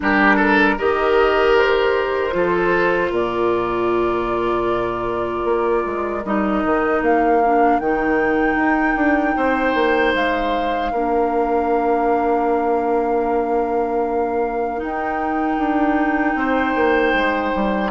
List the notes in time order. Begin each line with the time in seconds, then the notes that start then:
0.00 G3 D4 G4 A#4
0.36 A4
0.78 D#3 G4 A#4 D#5
1.57 C5
2.31 F3 F4 A4
3.11 A#2 A#4 D5
5.44 A#3
5.85 G#3
6.24 G3 D#4 D#5
6.64 D#3
7.01 A#3 F5
7.43 D4
7.79 D#3 D#4 G5
8.55 D#4
8.96 D4
9.36 C4 C5
9.74 A#3
10.14 G#3 F5
10.91 A#3 D4 A#4
14.77 D#4 G5
15.57 D4
16.35 C4 C5
16.75 A#3
17.13 G#3
17.55 G3